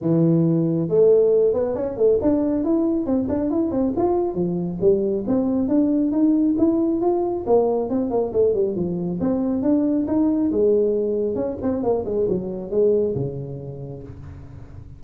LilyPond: \new Staff \with { instrumentName = "tuba" } { \time 4/4 \tempo 4 = 137 e2 a4. b8 | cis'8 a8 d'4 e'4 c'8 d'8 | e'8 c'8 f'4 f4 g4 | c'4 d'4 dis'4 e'4 |
f'4 ais4 c'8 ais8 a8 g8 | f4 c'4 d'4 dis'4 | gis2 cis'8 c'8 ais8 gis8 | fis4 gis4 cis2 | }